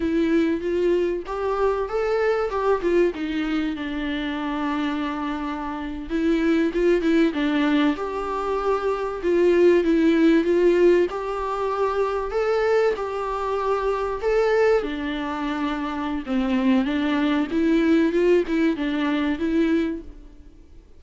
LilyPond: \new Staff \with { instrumentName = "viola" } { \time 4/4 \tempo 4 = 96 e'4 f'4 g'4 a'4 | g'8 f'8 dis'4 d'2~ | d'4.~ d'16 e'4 f'8 e'8 d'16~ | d'8. g'2 f'4 e'16~ |
e'8. f'4 g'2 a'16~ | a'8. g'2 a'4 d'16~ | d'2 c'4 d'4 | e'4 f'8 e'8 d'4 e'4 | }